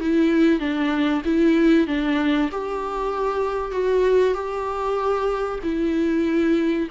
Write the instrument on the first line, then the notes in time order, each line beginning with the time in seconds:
viola
0.00 E4
0.59 D4
1.24 E4
1.87 D4
2.51 G4
3.71 F#4
4.34 G4
5.63 E4